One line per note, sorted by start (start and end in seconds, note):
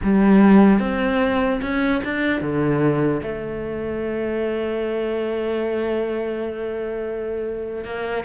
0.03 0.79 G3
0.79 1.60 C4
1.61 2.01 C#4
2.04 2.41 D4
2.41 3.21 D3
3.22 7.84 A3
7.84 8.24 A#3